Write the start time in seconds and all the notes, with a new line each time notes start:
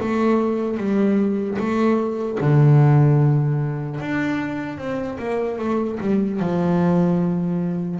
0.00 A3
0.77 G3
1.58 A3
2.40 D3
4.00 D4
4.77 C4
5.19 A#3
5.59 A3
6.00 G3
6.40 F3